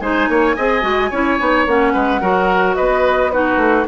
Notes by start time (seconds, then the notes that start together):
0.00 G#3 D#4 C5 G#5
0.28 A#3 C#5
0.56 C4 G#4 D#5
0.82 G#3 F#4
1.10 C#4 E4 C#5
1.39 B3 D#4
1.66 A#3 C#4 F#5
1.93 G#3 B4
2.21 F#3 F#4 A#4
2.75 B3 B4 D#5
3.30 D#4 F#4 B4
3.56 A3